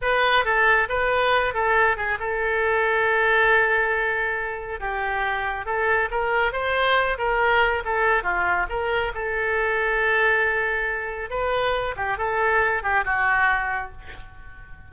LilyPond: \new Staff \with { instrumentName = "oboe" } { \time 4/4 \tempo 4 = 138 b'4 a'4 b'4. a'8~ | a'8 gis'8 a'2.~ | a'2. g'4~ | g'4 a'4 ais'4 c''4~ |
c''8 ais'4. a'4 f'4 | ais'4 a'2.~ | a'2 b'4. g'8 | a'4. g'8 fis'2 | }